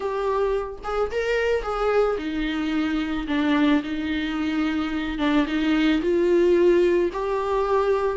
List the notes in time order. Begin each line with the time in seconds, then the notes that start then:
0.00 G4
0.83 G#4
1.11 A#4
1.62 G#4
2.17 D#4
3.27 D4
3.83 D#4
5.18 D4
5.46 D#4
6.01 F4
7.12 G4